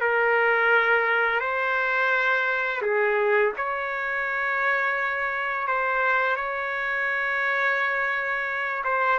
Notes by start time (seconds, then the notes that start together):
0.00 A#4
1.40 C5
2.81 G#4
3.56 C#5
5.67 C5
6.36 C#5
8.84 C5